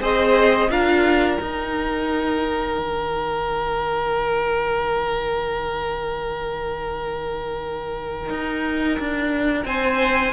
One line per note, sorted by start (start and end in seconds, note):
0.00 0.69 C4
0.00 0.69 G#4
0.00 0.70 C5
0.00 0.71 D#5
0.69 1.38 D4
0.69 1.39 F4
0.69 9.66 A#4
0.69 1.39 F5
1.39 10.33 D#4
1.39 2.78 D#4
1.39 9.66 G5
2.78 8.29 D#3
8.29 8.98 D#4
8.99 9.65 D4
9.65 10.33 C4
9.65 10.33 C5
9.65 10.33 G#5